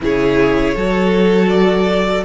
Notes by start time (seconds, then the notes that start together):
0.01 C#3 E4 G#4 C#5
0.74 F#3 F#4 A4
1.48 D5